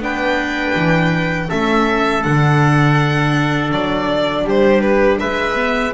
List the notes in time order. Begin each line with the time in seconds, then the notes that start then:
0.00 B3 D4 B4 G5
0.76 E3
1.49 A3 C#4 A4 E5
2.23 D3 D4 F#5
3.72 F#3 D5
4.44 G3 G4 C5
4.81 B4
5.20 G#3 B4 E5
5.55 B3